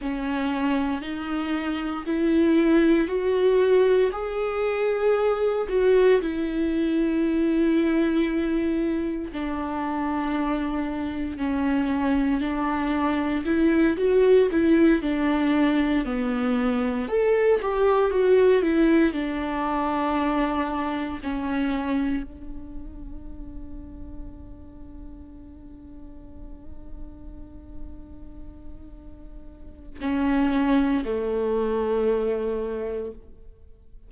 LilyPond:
\new Staff \with { instrumentName = "viola" } { \time 4/4 \tempo 4 = 58 cis'4 dis'4 e'4 fis'4 | gis'4. fis'8 e'2~ | e'4 d'2 cis'4 | d'4 e'8 fis'8 e'8 d'4 b8~ |
b8 a'8 g'8 fis'8 e'8 d'4.~ | d'8 cis'4 d'2~ d'8~ | d'1~ | d'4 cis'4 a2 | }